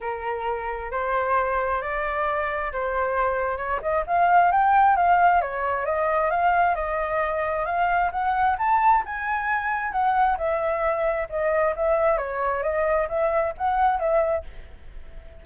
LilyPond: \new Staff \with { instrumentName = "flute" } { \time 4/4 \tempo 4 = 133 ais'2 c''2 | d''2 c''2 | cis''8 dis''8 f''4 g''4 f''4 | cis''4 dis''4 f''4 dis''4~ |
dis''4 f''4 fis''4 a''4 | gis''2 fis''4 e''4~ | e''4 dis''4 e''4 cis''4 | dis''4 e''4 fis''4 e''4 | }